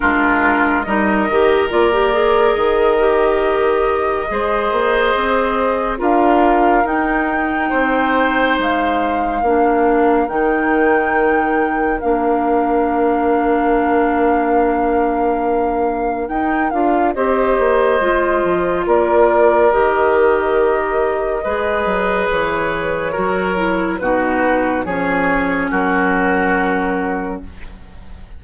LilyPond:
<<
  \new Staff \with { instrumentName = "flute" } { \time 4/4 \tempo 4 = 70 ais'4 dis''4 d''4 dis''4~ | dis''2. f''4 | g''2 f''2 | g''2 f''2~ |
f''2. g''8 f''8 | dis''2 d''4 dis''4~ | dis''2 cis''2 | b'4 cis''4 ais'2 | }
  \new Staff \with { instrumentName = "oboe" } { \time 4/4 f'4 ais'2.~ | ais'4 c''2 ais'4~ | ais'4 c''2 ais'4~ | ais'1~ |
ais'1 | c''2 ais'2~ | ais'4 b'2 ais'4 | fis'4 gis'4 fis'2 | }
  \new Staff \with { instrumentName = "clarinet" } { \time 4/4 d'4 dis'8 g'8 f'16 g'16 gis'4 g'8~ | g'4 gis'2 f'4 | dis'2. d'4 | dis'2 d'2~ |
d'2. dis'8 f'8 | g'4 f'2 g'4~ | g'4 gis'2 fis'8 e'8 | dis'4 cis'2. | }
  \new Staff \with { instrumentName = "bassoon" } { \time 4/4 gis4 g8 dis8 ais4 dis4~ | dis4 gis8 ais8 c'4 d'4 | dis'4 c'4 gis4 ais4 | dis2 ais2~ |
ais2. dis'8 d'8 | c'8 ais8 gis8 f8 ais4 dis4~ | dis4 gis8 fis8 e4 fis4 | b,4 f4 fis2 | }
>>